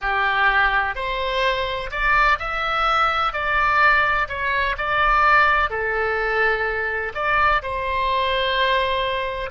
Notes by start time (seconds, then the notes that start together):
0.01 G4
0.95 C5
1.90 D5
2.38 E5
3.32 D5
4.28 C#5
4.77 D5
5.70 A4
7.14 D5
7.62 C5